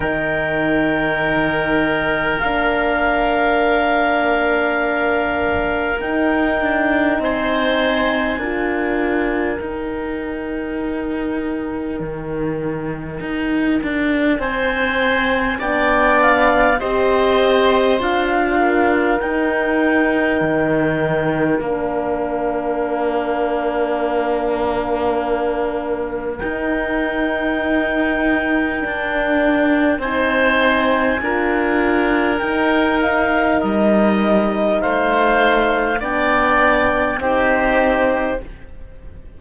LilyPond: <<
  \new Staff \with { instrumentName = "clarinet" } { \time 4/4 \tempo 4 = 50 g''2 f''2~ | f''4 g''4 gis''2 | g''1 | gis''4 g''8 f''8 dis''4 f''4 |
g''2 f''2~ | f''2 g''2~ | g''4 gis''2 g''8 f''8 | dis''4 f''4 g''4 c''4 | }
  \new Staff \with { instrumentName = "oboe" } { \time 4/4 ais'1~ | ais'2 c''4 ais'4~ | ais'1 | c''4 d''4 c''4. ais'8~ |
ais'1~ | ais'1~ | ais'4 c''4 ais'2~ | ais'4 c''4 d''4 g'4 | }
  \new Staff \with { instrumentName = "horn" } { \time 4/4 dis'2 d'2~ | d'4 dis'2 f'4 | dis'1~ | dis'4 d'4 g'4 f'4 |
dis'2 d'2~ | d'2 dis'2 | d'4 dis'4 f'4 dis'4~ | dis'2 d'4 dis'4 | }
  \new Staff \with { instrumentName = "cello" } { \time 4/4 dis2 ais2~ | ais4 dis'8 d'8 c'4 d'4 | dis'2 dis4 dis'8 d'8 | c'4 b4 c'4 d'4 |
dis'4 dis4 ais2~ | ais2 dis'2 | d'4 c'4 d'4 dis'4 | g4 a4 b4 c'4 | }
>>